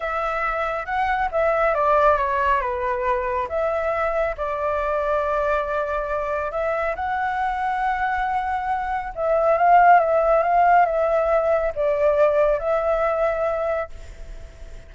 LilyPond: \new Staff \with { instrumentName = "flute" } { \time 4/4 \tempo 4 = 138 e''2 fis''4 e''4 | d''4 cis''4 b'2 | e''2 d''2~ | d''2. e''4 |
fis''1~ | fis''4 e''4 f''4 e''4 | f''4 e''2 d''4~ | d''4 e''2. | }